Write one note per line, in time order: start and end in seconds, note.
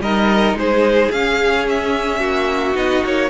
0.00 0.54 G3
0.00 1.12 D#4
0.00 0.57 A#4
0.00 0.56 D#5
0.54 1.09 G#3
0.54 2.19 G#4
0.54 1.11 C5
1.11 2.20 C#4
1.11 2.75 C#4
1.11 1.66 F5
1.69 2.76 E5
2.19 2.74 A#3
2.19 3.28 F#4
2.75 3.02 B3
2.75 3.29 D#4
2.75 3.04 D#5
3.04 3.30 A#3
3.04 3.30 C#5